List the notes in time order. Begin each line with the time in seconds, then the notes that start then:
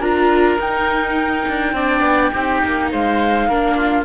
0.00 D4 F4 A#4 A#5
0.59 D#4 G5
1.49 D4
1.73 C4 D4 D5
2.01 B3
2.32 C4 D#4 G4
2.64 A#3
2.92 G#3 C5 F5
3.48 A#3 D4 A#4
3.76 F4